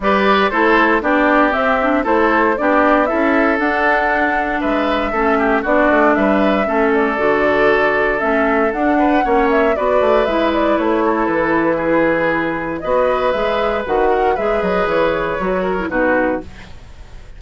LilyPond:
<<
  \new Staff \with { instrumentName = "flute" } { \time 4/4 \tempo 4 = 117 d''4 c''4 d''4 e''4 | c''4 d''4 e''4 fis''4~ | fis''4 e''2 d''4 | e''4. d''2~ d''8 |
e''4 fis''4. e''8 d''4 | e''8 d''8 cis''4 b'2~ | b'4 dis''4 e''4 fis''4 | e''8 dis''8 cis''2 b'4 | }
  \new Staff \with { instrumentName = "oboe" } { \time 4/4 b'4 a'4 g'2 | a'4 g'4 a'2~ | a'4 b'4 a'8 g'8 fis'4 | b'4 a'2.~ |
a'4. b'8 cis''4 b'4~ | b'4. a'4. gis'4~ | gis'4 b'2~ b'8 ais'8 | b'2~ b'8 ais'8 fis'4 | }
  \new Staff \with { instrumentName = "clarinet" } { \time 4/4 g'4 e'4 d'4 c'8 d'8 | e'4 d'4 e'4 d'4~ | d'2 cis'4 d'4~ | d'4 cis'4 fis'2 |
cis'4 d'4 cis'4 fis'4 | e'1~ | e'4 fis'4 gis'4 fis'4 | gis'2 fis'8. e'16 dis'4 | }
  \new Staff \with { instrumentName = "bassoon" } { \time 4/4 g4 a4 b4 c'4 | a4 b4 cis'4 d'4~ | d'4 gis4 a4 b8 a8 | g4 a4 d2 |
a4 d'4 ais4 b8 a8 | gis4 a4 e2~ | e4 b4 gis4 dis4 | gis8 fis8 e4 fis4 b,4 | }
>>